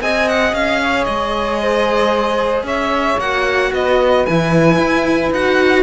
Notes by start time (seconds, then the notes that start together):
0.00 C4 G#4 D#5 G#5
0.28 F#5
0.52 C#4 F5
0.82 C#5
1.04 G#3 D#5
1.61 C5
2.63 C#4 C#5 E5
3.18 A#3 F#4 F#5
3.72 B3 B4 D#5
4.25 E3 E4 G#5
4.78 E4
5.31 D#4 F#4 F#5